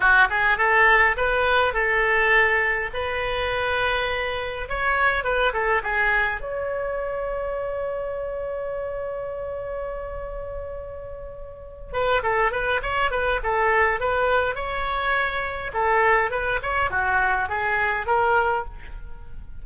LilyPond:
\new Staff \with { instrumentName = "oboe" } { \time 4/4 \tempo 4 = 103 fis'8 gis'8 a'4 b'4 a'4~ | a'4 b'2. | cis''4 b'8 a'8 gis'4 cis''4~ | cis''1~ |
cis''1~ | cis''8 b'8 a'8 b'8 cis''8 b'8 a'4 | b'4 cis''2 a'4 | b'8 cis''8 fis'4 gis'4 ais'4 | }